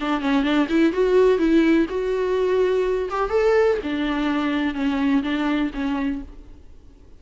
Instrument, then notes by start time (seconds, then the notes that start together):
viola
0.00 D4
0.21 C#4
0.43 D4
0.69 E4
0.93 F#4
1.38 E4
1.89 F#4
3.10 G4
3.29 A4
3.83 D4
4.74 C#4
5.23 D4
5.74 C#4